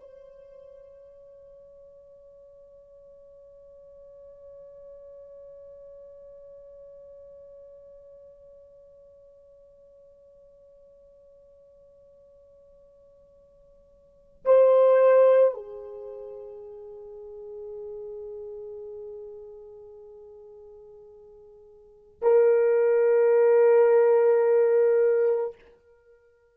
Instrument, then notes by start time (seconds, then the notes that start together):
horn
0.00 C#5
14.45 C5
15.55 G#4
22.22 A#4